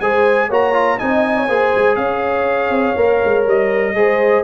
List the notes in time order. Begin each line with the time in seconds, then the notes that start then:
0.00 G#3 G#4 C5 G#5
0.48 A#3 F#4 C#5 A#5
0.73 F4
0.98 C4 D#4 D#5 G#5
1.37 C#5
1.48 A#3 G#4 C5
1.76 G#3
1.96 C#4 C#5 F5
2.70 C4
2.96 A#3 A#4
3.24 G#3
3.47 G3 D#5
3.95 G#3 G#4 C5